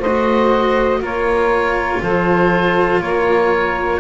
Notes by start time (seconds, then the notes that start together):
0.00 A3 C5 D#5
0.07 F#4
1.01 A#3 F4 A#4 C#5
2.02 F3 A4 C5
3.01 A#3 A#4 C#5